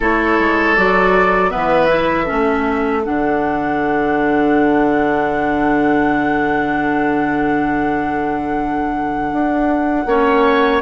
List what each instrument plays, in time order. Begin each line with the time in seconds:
0.00 bassoon A3, clarinet E4, oboe A4, flute C#5
0.39 bassoon G#3
0.75 bassoon F#3, clarinet F#4, flute D5
1.50 bassoon E3, clarinet B3, oboe B4, flute E5
1.88 clarinet E4
2.24 clarinet C#4, oboe A4
2.30 bassoon A3
3.04 bassoon D3, clarinet D4, flute F#5
9.32 bassoon D4
10.05 bassoon A#3, clarinet C#4, oboe C#5